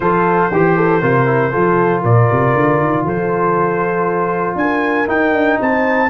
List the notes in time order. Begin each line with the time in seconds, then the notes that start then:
0.00 F3 F4 A4 C5
0.51 E3 G4
0.76 A4
1.00 C3 F4 A#4
1.26 E4
1.51 F3 F4 A4
2.01 A#2 A#4 D5
2.31 C3
2.54 D3
2.79 D#3
3.04 F3 A4 C5
4.55 D4 A#4 G#5
5.07 D#4 G5
5.33 D4
5.59 C4 C5 A5